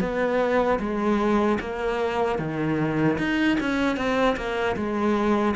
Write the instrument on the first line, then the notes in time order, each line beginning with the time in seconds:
cello
0.00 B3
0.79 G#3
1.60 A#3
2.38 D#3
3.18 D#4
3.60 C#4
3.97 C4
4.36 A#3
4.76 G#3